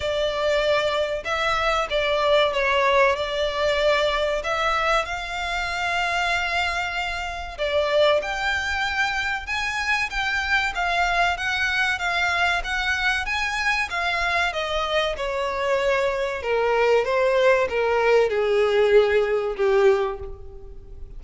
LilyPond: \new Staff \with { instrumentName = "violin" } { \time 4/4 \tempo 4 = 95 d''2 e''4 d''4 | cis''4 d''2 e''4 | f''1 | d''4 g''2 gis''4 |
g''4 f''4 fis''4 f''4 | fis''4 gis''4 f''4 dis''4 | cis''2 ais'4 c''4 | ais'4 gis'2 g'4 | }